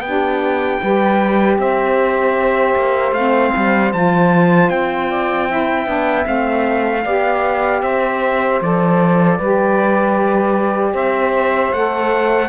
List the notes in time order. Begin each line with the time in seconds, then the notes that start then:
0.00 B3 D4 G4 G5
0.82 G3 G4 B4
1.58 C4 C5 E5
2.76 A#3
3.12 A3 C4 F5
3.56 G3
3.93 F3 F4 A5
4.70 C4 G5
5.10 D5
5.49 E4 E5
5.86 B3 D4
6.24 A3 C4 F5
7.03 B3 G4 D5
7.82 C4 C5 E5
8.61 F3 A4 D5
9.37 G3 G4 B4
10.93 C4 C5 E5
11.72 A3 A4 F#5